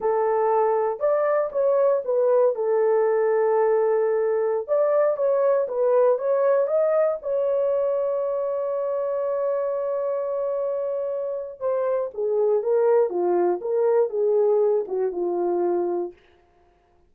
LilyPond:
\new Staff \with { instrumentName = "horn" } { \time 4/4 \tempo 4 = 119 a'2 d''4 cis''4 | b'4 a'2.~ | a'4~ a'16 d''4 cis''4 b'8.~ | b'16 cis''4 dis''4 cis''4.~ cis''16~ |
cis''1~ | cis''2. c''4 | gis'4 ais'4 f'4 ais'4 | gis'4. fis'8 f'2 | }